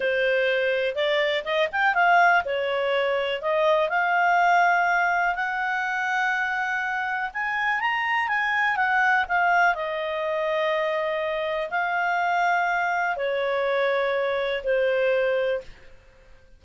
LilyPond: \new Staff \with { instrumentName = "clarinet" } { \time 4/4 \tempo 4 = 123 c''2 d''4 dis''8 g''8 | f''4 cis''2 dis''4 | f''2. fis''4~ | fis''2. gis''4 |
ais''4 gis''4 fis''4 f''4 | dis''1 | f''2. cis''4~ | cis''2 c''2 | }